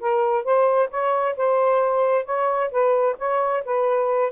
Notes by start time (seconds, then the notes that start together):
0.00 A#4
0.44 C5
0.90 C#5
1.36 C5
2.25 C#5
2.70 B4
3.18 C#5
3.65 B4